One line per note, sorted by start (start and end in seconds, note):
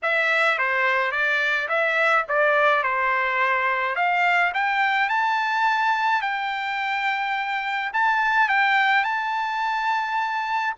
0.02 0.58 E5
0.58 1.11 C5
1.11 1.68 D5
1.68 2.25 E5
2.28 2.83 D5
2.83 3.95 C5
3.95 4.52 F5
4.54 5.09 G5
5.09 6.21 A5
6.21 7.91 G5
7.93 8.49 A5
8.49 9.04 G5
9.04 10.74 A5